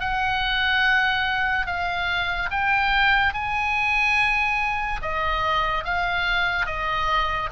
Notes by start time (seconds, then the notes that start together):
0.00 F#5
1.66 F5
2.51 G5
3.34 G#5
5.02 D#5
5.84 F5
6.66 D#5